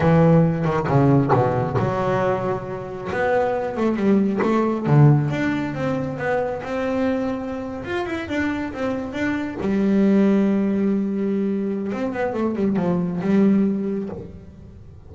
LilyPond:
\new Staff \with { instrumentName = "double bass" } { \time 4/4 \tempo 4 = 136 e4. dis8 cis4 b,4 | fis2. b4~ | b8 a8 g4 a4 d4 | d'4 c'4 b4 c'4~ |
c'4.~ c'16 f'8 e'8 d'4 c'16~ | c'8. d'4 g2~ g16~ | g2. c'8 b8 | a8 g8 f4 g2 | }